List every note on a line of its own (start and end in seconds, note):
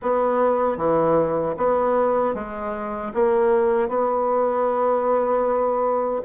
0.02 0.77 B3
0.77 1.55 E3
1.57 2.34 B3
2.34 3.12 G#3
3.13 3.88 A#3
3.88 6.22 B3